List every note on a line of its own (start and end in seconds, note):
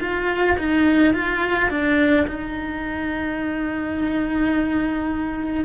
0.00 0.57 F4
0.58 1.14 D#4
1.14 1.70 F4
1.70 2.26 D4
2.27 5.64 D#4